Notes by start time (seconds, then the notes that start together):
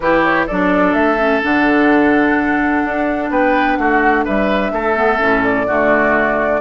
0.00 E3 E4 G4 B4
0.22 C#5
0.46 F#3 D4 A4 D5
0.93 A3 E5
1.18 C#4
1.41 D3 D4 F#5
2.84 D4
3.30 B3 B4 G5
3.76 A3 F#4 F#5
4.24 G3 B4 E5
4.71 A3 A4
4.96 B3
5.18 A2 C#4
5.44 D5
5.66 D3 A3 F#4